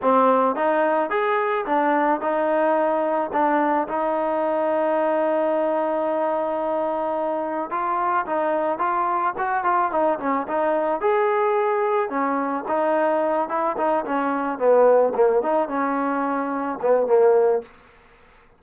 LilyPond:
\new Staff \with { instrumentName = "trombone" } { \time 4/4 \tempo 4 = 109 c'4 dis'4 gis'4 d'4 | dis'2 d'4 dis'4~ | dis'1~ | dis'2 f'4 dis'4 |
f'4 fis'8 f'8 dis'8 cis'8 dis'4 | gis'2 cis'4 dis'4~ | dis'8 e'8 dis'8 cis'4 b4 ais8 | dis'8 cis'2 b8 ais4 | }